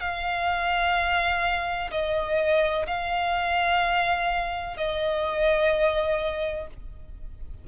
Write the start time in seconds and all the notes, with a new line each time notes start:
0.00 F5
1.90 D#5
2.86 F5
4.77 D#5